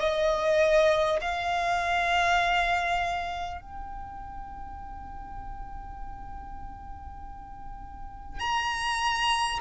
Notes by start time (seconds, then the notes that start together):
0.00 D#5
1.21 F5
3.61 G5
8.39 A#5